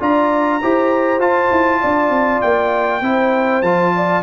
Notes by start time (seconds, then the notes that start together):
0.00 D4 F4 D5 A#5
0.62 E4 G4 C5
1.19 F4 A5
1.51 E4
1.81 D4 D5
2.09 C4
2.41 A#3 G5
3.01 C4 E4 C5
3.62 F3 F4 A5
3.95 D5